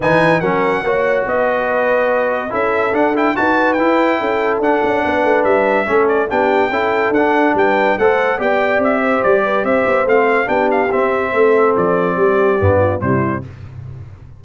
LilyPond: <<
  \new Staff \with { instrumentName = "trumpet" } { \time 4/4 \tempo 4 = 143 gis''4 fis''2 dis''4~ | dis''2 e''4 fis''8 g''8 | a''4 g''2 fis''4~ | fis''4 e''4. d''8 g''4~ |
g''4 fis''4 g''4 fis''4 | g''4 e''4 d''4 e''4 | f''4 g''8 f''8 e''2 | d''2. c''4 | }
  \new Staff \with { instrumentName = "horn" } { \time 4/4 b'4 ais'4 cis''4 b'4~ | b'2 a'2 | b'2 a'2 | b'2 a'4 g'4 |
a'2 b'4 c''4 | d''4. c''4 b'8 c''4~ | c''4 g'2 a'4~ | a'4 g'4. f'8 e'4 | }
  \new Staff \with { instrumentName = "trombone" } { \time 4/4 dis'4 cis'4 fis'2~ | fis'2 e'4 d'8 e'8 | fis'4 e'2 d'4~ | d'2 cis'4 d'4 |
e'4 d'2 a'4 | g'1 | c'4 d'4 c'2~ | c'2 b4 g4 | }
  \new Staff \with { instrumentName = "tuba" } { \time 4/4 e4 fis4 ais4 b4~ | b2 cis'4 d'4 | dis'4 e'4 cis'4 d'8 cis'8 | b8 a8 g4 a4 b4 |
cis'4 d'4 g4 a4 | b4 c'4 g4 c'8 b8 | a4 b4 c'4 a4 | f4 g4 g,4 c4 | }
>>